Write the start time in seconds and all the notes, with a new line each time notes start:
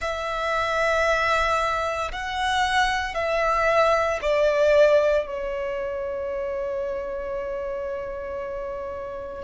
0.00 E5
2.11 F#5
3.14 E5
4.21 D5
5.26 C#5